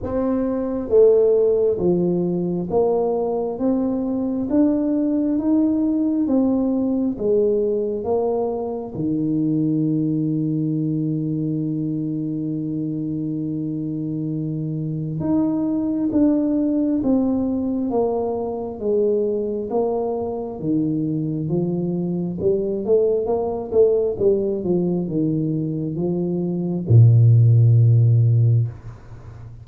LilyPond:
\new Staff \with { instrumentName = "tuba" } { \time 4/4 \tempo 4 = 67 c'4 a4 f4 ais4 | c'4 d'4 dis'4 c'4 | gis4 ais4 dis2~ | dis1~ |
dis4 dis'4 d'4 c'4 | ais4 gis4 ais4 dis4 | f4 g8 a8 ais8 a8 g8 f8 | dis4 f4 ais,2 | }